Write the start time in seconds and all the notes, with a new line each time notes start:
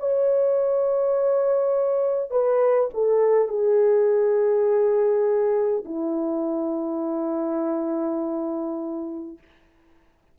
0.00 C#5
2.31 B4
2.94 A4
3.49 G#4
5.86 E4